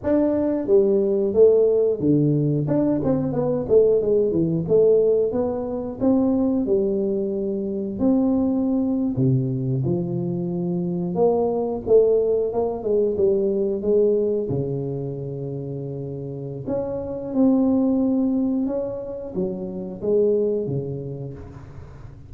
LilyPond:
\new Staff \with { instrumentName = "tuba" } { \time 4/4 \tempo 4 = 90 d'4 g4 a4 d4 | d'8 c'8 b8 a8 gis8 e8 a4 | b4 c'4 g2 | c'4.~ c'16 c4 f4~ f16~ |
f8. ais4 a4 ais8 gis8 g16~ | g8. gis4 cis2~ cis16~ | cis4 cis'4 c'2 | cis'4 fis4 gis4 cis4 | }